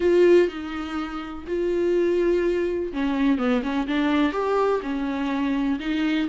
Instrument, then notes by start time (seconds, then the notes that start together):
viola
0.00 F4
0.48 D#4
1.47 F4
2.93 C#4
3.38 B3
3.62 C#4
3.87 D4
4.32 G4
4.82 C#4
5.79 D#4